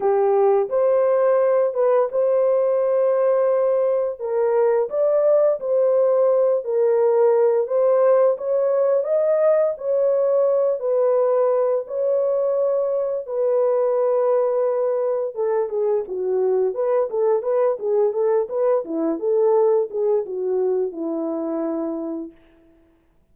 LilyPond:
\new Staff \with { instrumentName = "horn" } { \time 4/4 \tempo 4 = 86 g'4 c''4. b'8 c''4~ | c''2 ais'4 d''4 | c''4. ais'4. c''4 | cis''4 dis''4 cis''4. b'8~ |
b'4 cis''2 b'4~ | b'2 a'8 gis'8 fis'4 | b'8 a'8 b'8 gis'8 a'8 b'8 e'8 a'8~ | a'8 gis'8 fis'4 e'2 | }